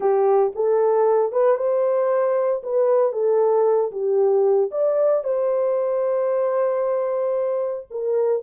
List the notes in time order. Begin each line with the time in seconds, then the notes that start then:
0.00 G4
0.55 A4
1.32 B4
1.56 C5
2.63 B4
3.12 A4
3.91 G4
4.71 D5
5.23 C5
7.90 A#4